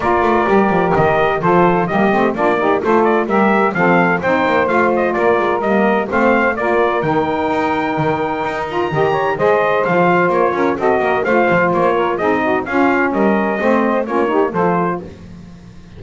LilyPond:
<<
  \new Staff \with { instrumentName = "trumpet" } { \time 4/4 \tempo 4 = 128 d''2 dis''4 c''4 | dis''4 d''4 c''8 d''8 e''4 | f''4 g''4 f''8 dis''8 d''4 | dis''4 f''4 d''4 g''4~ |
g''2~ g''8 ais''4. | dis''4 f''4 cis''4 dis''4 | f''4 cis''4 dis''4 f''4 | dis''2 cis''4 c''4 | }
  \new Staff \with { instrumentName = "saxophone" } { \time 4/4 ais'2. a'4 | g'4 f'8 g'8 a'4 ais'4 | a'4 c''2 ais'4~ | ais'4 c''4 ais'2~ |
ais'2. dis''8 cis''8 | c''2~ c''8 ais'8 a'8 ais'8 | c''4. ais'8 gis'8 fis'8 f'4 | ais'4 c''4 f'8 g'8 a'4 | }
  \new Staff \with { instrumentName = "saxophone" } { \time 4/4 f'4 g'2 f'4 | ais8 c'8 d'8 dis'8 f'4 g'4 | c'4 dis'4 f'2 | ais4 c'4 f'4 dis'4~ |
dis'2~ dis'8 f'8 g'4 | gis'4 f'2 fis'4 | f'2 dis'4 cis'4~ | cis'4 c'4 cis'8 dis'8 f'4 | }
  \new Staff \with { instrumentName = "double bass" } { \time 4/4 ais8 a8 g8 f8 dis4 f4 | g8 a8 ais4 a4 g4 | f4 c'8 ais8 a4 ais8 gis8 | g4 a4 ais4 dis4 |
dis'4 dis4 dis'4 dis4 | gis4 f4 ais8 cis'8 c'8 ais8 | a8 f8 ais4 c'4 cis'4 | g4 a4 ais4 f4 | }
>>